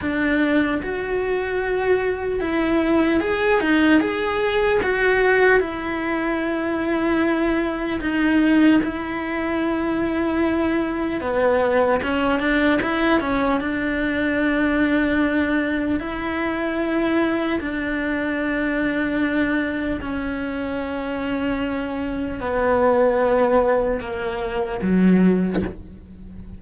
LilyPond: \new Staff \with { instrumentName = "cello" } { \time 4/4 \tempo 4 = 75 d'4 fis'2 e'4 | gis'8 dis'8 gis'4 fis'4 e'4~ | e'2 dis'4 e'4~ | e'2 b4 cis'8 d'8 |
e'8 cis'8 d'2. | e'2 d'2~ | d'4 cis'2. | b2 ais4 fis4 | }